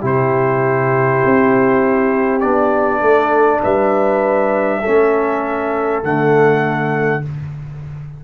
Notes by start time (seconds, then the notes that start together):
0.00 C3 E4 G4 C5
1.25 C4
2.40 B3 D4 D5
3.00 A3 A4
3.62 G3 B4 E5
4.80 C#4 A4
4.87 A3
6.02 D3 A3 F#5